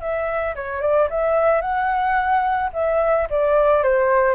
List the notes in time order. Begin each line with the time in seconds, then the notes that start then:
0.00 E5
0.55 C#5
0.81 D5
1.10 E5
1.61 F#5
2.73 E5
3.30 D5
3.83 C5